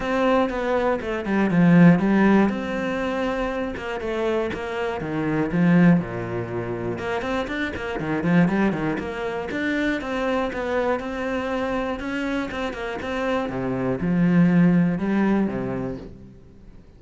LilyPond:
\new Staff \with { instrumentName = "cello" } { \time 4/4 \tempo 4 = 120 c'4 b4 a8 g8 f4 | g4 c'2~ c'8 ais8 | a4 ais4 dis4 f4 | ais,2 ais8 c'8 d'8 ais8 |
dis8 f8 g8 dis8 ais4 d'4 | c'4 b4 c'2 | cis'4 c'8 ais8 c'4 c4 | f2 g4 c4 | }